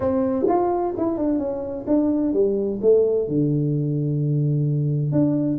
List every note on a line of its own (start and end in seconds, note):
0.00 0.45 C4
0.48 0.94 F4
0.97 1.17 E4
1.17 1.38 D4
1.38 1.85 C#4
1.87 2.33 D4
2.33 2.79 G3
2.81 3.27 A3
3.27 5.12 D3
5.12 5.58 D4